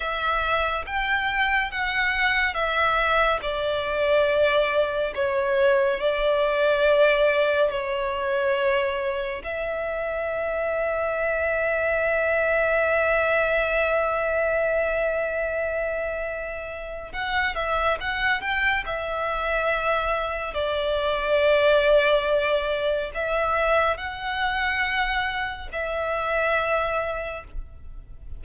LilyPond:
\new Staff \with { instrumentName = "violin" } { \time 4/4 \tempo 4 = 70 e''4 g''4 fis''4 e''4 | d''2 cis''4 d''4~ | d''4 cis''2 e''4~ | e''1~ |
e''1 | fis''8 e''8 fis''8 g''8 e''2 | d''2. e''4 | fis''2 e''2 | }